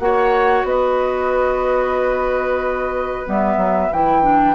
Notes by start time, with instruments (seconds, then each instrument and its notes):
0.00 bassoon A#3, clarinet F#4, oboe C#5, flute F#5
0.64 bassoon B3, oboe B4, flute D#5
3.27 bassoon G3, clarinet B3, flute E5
3.57 bassoon F#3
3.93 bassoon E3, clarinet E4, flute G5
4.22 clarinet D4